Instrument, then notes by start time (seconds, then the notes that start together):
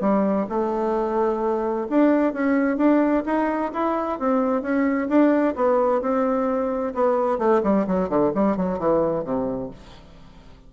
bassoon
0.00 G3
0.49 A3
1.89 D4
2.33 C#4
2.77 D4
3.26 D#4
3.73 E4
4.19 C4
4.62 C#4
5.09 D4
5.55 B3
6.01 C4
6.94 B3
7.38 A3
7.63 G3
7.87 F#3
8.09 D3
8.35 G3
8.57 F#3
8.79 E3
9.24 C3